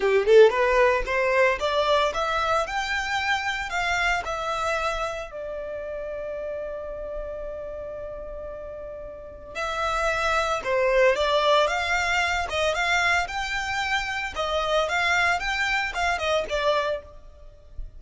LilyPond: \new Staff \with { instrumentName = "violin" } { \time 4/4 \tempo 4 = 113 g'8 a'8 b'4 c''4 d''4 | e''4 g''2 f''4 | e''2 d''2~ | d''1~ |
d''2 e''2 | c''4 d''4 f''4. dis''8 | f''4 g''2 dis''4 | f''4 g''4 f''8 dis''8 d''4 | }